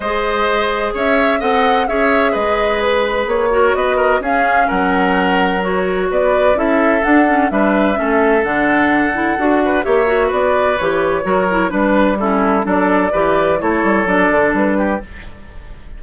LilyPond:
<<
  \new Staff \with { instrumentName = "flute" } { \time 4/4 \tempo 4 = 128 dis''2 e''4 fis''4 | e''4 dis''4 b'4 cis''4 | dis''4 f''4 fis''2 | cis''4 d''4 e''4 fis''4 |
e''2 fis''2~ | fis''4 e''4 d''4 cis''4~ | cis''4 b'4 a'4 d''4~ | d''4 cis''4 d''4 b'4 | }
  \new Staff \with { instrumentName = "oboe" } { \time 4/4 c''2 cis''4 dis''4 | cis''4 b'2~ b'8 ais'8 | b'8 ais'8 gis'4 ais'2~ | ais'4 b'4 a'2 |
b'4 a'2.~ | a'8 b'8 cis''4 b'2 | ais'4 b'4 e'4 a'4 | b'4 a'2~ a'8 g'8 | }
  \new Staff \with { instrumentName = "clarinet" } { \time 4/4 gis'2. a'4 | gis'2.~ gis'8 fis'8~ | fis'4 cis'2. | fis'2 e'4 d'8 cis'8 |
d'4 cis'4 d'4. e'8 | fis'4 g'8 fis'4. g'4 | fis'8 e'8 d'4 cis'4 d'4 | g'4 e'4 d'2 | }
  \new Staff \with { instrumentName = "bassoon" } { \time 4/4 gis2 cis'4 c'4 | cis'4 gis2 ais4 | b4 cis'4 fis2~ | fis4 b4 cis'4 d'4 |
g4 a4 d2 | d'4 ais4 b4 e4 | fis4 g2 fis4 | e4 a8 g8 fis8 d8 g4 | }
>>